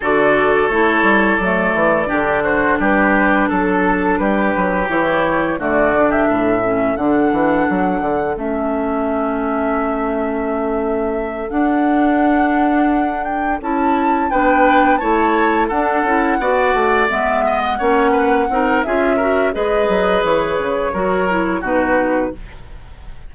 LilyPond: <<
  \new Staff \with { instrumentName = "flute" } { \time 4/4 \tempo 4 = 86 d''4 cis''4 d''4. c''8 | b'4 a'4 b'4 cis''4 | d''8. e''4~ e''16 fis''2 | e''1~ |
e''8 fis''2~ fis''8 g''8 a''8~ | a''8 g''4 a''4 fis''4.~ | fis''8 e''8. fis''4.~ fis''16 e''4 | dis''4 cis''2 b'4 | }
  \new Staff \with { instrumentName = "oboe" } { \time 4/4 a'2. g'8 fis'8 | g'4 a'4 g'2 | fis'8. g'16 a'2.~ | a'1~ |
a'1~ | a'8 b'4 cis''4 a'4 d''8~ | d''4 dis''8 cis''8 b'8 ais'8 gis'8 ais'8 | b'2 ais'4 fis'4 | }
  \new Staff \with { instrumentName = "clarinet" } { \time 4/4 fis'4 e'4 a4 d'4~ | d'2. e'4 | a8 d'4 cis'8 d'2 | cis'1~ |
cis'8 d'2. e'8~ | e'8 d'4 e'4 d'8 e'8 fis'8~ | fis'8 b4 cis'4 dis'8 f'8 fis'8 | gis'2 fis'8 e'8 dis'4 | }
  \new Staff \with { instrumentName = "bassoon" } { \time 4/4 d4 a8 g8 fis8 e8 d4 | g4 fis4 g8 fis8 e4 | d4 a,4 d8 e8 fis8 d8 | a1~ |
a8 d'2. cis'8~ | cis'8 b4 a4 d'8 cis'8 b8 | a8 gis4 ais4 c'8 cis'4 | gis8 fis8 e8 cis8 fis4 b,4 | }
>>